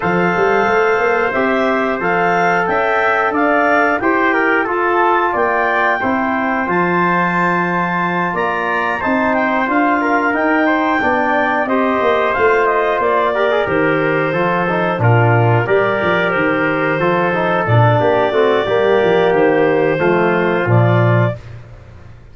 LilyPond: <<
  \new Staff \with { instrumentName = "clarinet" } { \time 4/4 \tempo 4 = 90 f''2 e''4 f''4 | g''4 f''4 g''4 a''4 | g''2 a''2~ | a''8 ais''4 a''8 g''8 f''4 g''8~ |
g''4. dis''4 f''8 dis''8 d''8~ | d''8 c''2 ais'4 d''8~ | d''8 c''2 d''4.~ | d''4 c''2 d''4 | }
  \new Staff \with { instrumentName = "trumpet" } { \time 4/4 c''1 | e''4 d''4 c''8 ais'8 a'4 | d''4 c''2.~ | c''8 d''4 c''4. ais'4 |
c''8 d''4 c''2~ c''8 | ais'4. a'4 f'4 ais'8~ | ais'4. a'4. g'8 fis'8 | g'2 f'2 | }
  \new Staff \with { instrumentName = "trombone" } { \time 4/4 a'2 g'4 a'4~ | a'2 g'4 f'4~ | f'4 e'4 f'2~ | f'4. dis'4 f'4 dis'8~ |
dis'8 d'4 g'4 f'4. | g'16 gis'16 g'4 f'8 dis'8 d'4 g'8~ | g'4. f'8 dis'8 d'4 c'8 | ais2 a4 f4 | }
  \new Staff \with { instrumentName = "tuba" } { \time 4/4 f8 g8 a8 ais8 c'4 f4 | cis'4 d'4 e'4 f'4 | ais4 c'4 f2~ | f8 ais4 c'4 d'4 dis'8~ |
dis'8 b4 c'8 ais8 a4 ais8~ | ais8 dis4 f4 ais,4 g8 | f8 dis4 f4 ais,8 ais8 a8 | g8 f8 dis4 f4 ais,4 | }
>>